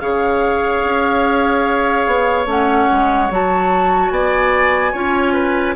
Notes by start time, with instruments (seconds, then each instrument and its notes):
0.00 bassoon C#3, clarinet G#4, oboe C#5, flute F5
0.84 bassoon C#4
2.07 bassoon B3
2.46 bassoon A3, clarinet C#4, flute F#5
2.92 bassoon G#3
3.30 bassoon F#3, clarinet F#4, flute A5
4.10 bassoon B3, oboe D5, flute G#5
4.92 bassoon C#4, clarinet F4, oboe C#5
5.33 oboe B4